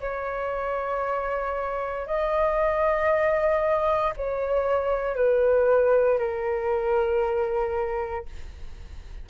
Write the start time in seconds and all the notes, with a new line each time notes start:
0.00 C#5
2.06 D#5
4.17 C#5
5.15 B4
6.18 A#4